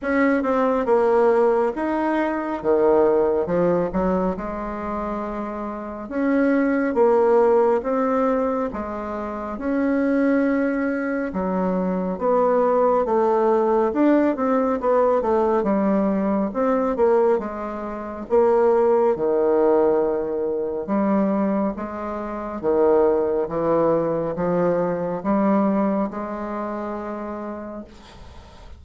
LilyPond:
\new Staff \with { instrumentName = "bassoon" } { \time 4/4 \tempo 4 = 69 cis'8 c'8 ais4 dis'4 dis4 | f8 fis8 gis2 cis'4 | ais4 c'4 gis4 cis'4~ | cis'4 fis4 b4 a4 |
d'8 c'8 b8 a8 g4 c'8 ais8 | gis4 ais4 dis2 | g4 gis4 dis4 e4 | f4 g4 gis2 | }